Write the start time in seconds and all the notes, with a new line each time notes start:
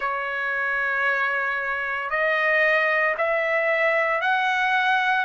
0.00 C#5
2.10 D#5
3.17 E5
4.21 F#5